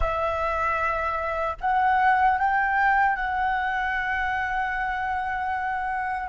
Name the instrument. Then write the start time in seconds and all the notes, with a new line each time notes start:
flute
0.00 E5
1.60 F#5
2.38 G5
3.15 F#5